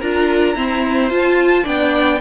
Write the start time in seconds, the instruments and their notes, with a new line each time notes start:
0.00 cello D4, viola F4, violin A#4 A#5
0.55 viola C4, cello E4, violin C5
1.09 viola F4, cello F4, violin A5
1.64 cello B3, viola D4, violin D5 G5